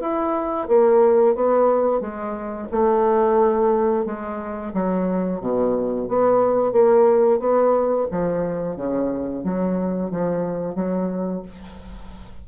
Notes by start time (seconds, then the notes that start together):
0.00 E4
0.68 A#3
1.35 B3
2.00 G#3
2.71 A3
4.05 G#3
4.73 F#3
5.40 B2
6.08 B3
6.72 A#3
7.39 B3
8.11 F3
8.76 C#3
9.44 F#3
10.10 F3
10.75 F#3